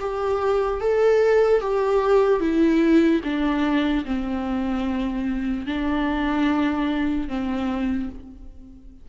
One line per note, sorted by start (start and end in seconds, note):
0.00 0.81 G4
0.81 1.62 A4
1.62 2.41 G4
2.41 3.22 E4
3.24 4.05 D4
4.05 5.67 C4
5.67 7.29 D4
7.29 8.10 C4